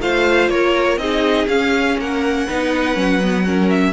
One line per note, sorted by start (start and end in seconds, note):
0.00 0.49 A3
0.00 0.99 F4
0.00 0.51 C5
0.00 0.49 F5
0.49 0.97 A#3
0.49 1.00 A#4
0.49 0.98 C#5
0.97 1.46 C4
0.97 1.48 D#4
0.97 1.99 G#4
0.97 1.47 D#5
1.47 1.96 C#4
1.47 2.48 C#4
1.47 1.97 F5
1.98 2.47 A#3
1.98 2.47 A#4
1.98 3.69 F#5
2.47 2.95 B3
2.47 2.94 D#4
2.47 3.45 B4
2.94 3.92 F#3
2.94 3.19 C#4
3.22 3.45 B3
3.45 3.92 C#4
3.45 3.92 A#4
3.69 3.92 E5